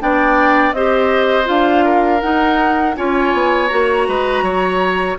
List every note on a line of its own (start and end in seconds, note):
0.00 0.73 B3
0.00 0.74 D4
0.00 0.76 D5
0.00 0.73 G5
0.73 1.47 C4
0.73 1.45 G4
0.73 1.85 C5
0.73 1.47 D#5
1.45 2.22 D4
1.45 2.19 F4
1.45 2.21 F5
1.85 2.96 A#4
2.21 2.96 D#4
2.21 2.95 F#5
2.96 3.34 C#4
2.96 3.69 F4
2.96 4.08 C#5
2.96 3.68 G#5
3.34 3.71 B3
3.68 4.08 A#3
3.68 5.17 F#4
3.68 5.16 A#5
4.08 4.42 G#3
4.08 4.44 B4
4.42 5.17 F#3
4.42 5.18 C#5